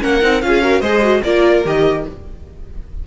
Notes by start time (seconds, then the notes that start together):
0.00 A#3 C#4 A#4 F#5
0.21 C4 D#4
0.41 C#4 F4 G#4 F5
0.62 F#4 A#4
0.81 G#3 G#4 C5 D#5
1.02 F#4
1.23 A#3 F4 A#4 D5
1.64 D#3 G4 D#5